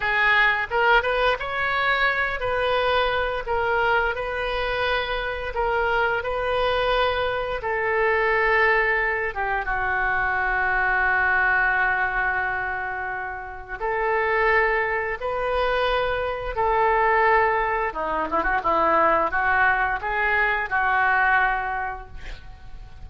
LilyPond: \new Staff \with { instrumentName = "oboe" } { \time 4/4 \tempo 4 = 87 gis'4 ais'8 b'8 cis''4. b'8~ | b'4 ais'4 b'2 | ais'4 b'2 a'4~ | a'4. g'8 fis'2~ |
fis'1 | a'2 b'2 | a'2 dis'8 e'16 fis'16 e'4 | fis'4 gis'4 fis'2 | }